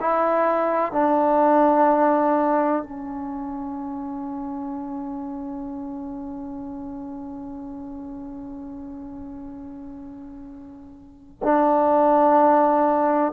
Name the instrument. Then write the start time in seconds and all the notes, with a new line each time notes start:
trombone
0.00 E4
0.92 D4
2.83 C#4
11.42 D4